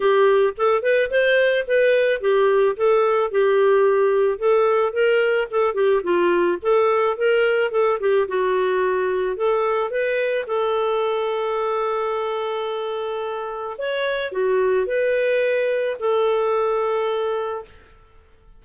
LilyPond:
\new Staff \with { instrumentName = "clarinet" } { \time 4/4 \tempo 4 = 109 g'4 a'8 b'8 c''4 b'4 | g'4 a'4 g'2 | a'4 ais'4 a'8 g'8 f'4 | a'4 ais'4 a'8 g'8 fis'4~ |
fis'4 a'4 b'4 a'4~ | a'1~ | a'4 cis''4 fis'4 b'4~ | b'4 a'2. | }